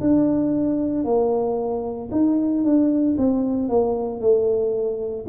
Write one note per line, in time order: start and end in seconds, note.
0.00 1.04 D4
1.04 2.09 A#3
2.11 2.64 D#4
2.64 3.16 D4
3.17 3.68 C4
3.68 4.20 A#3
4.20 5.25 A3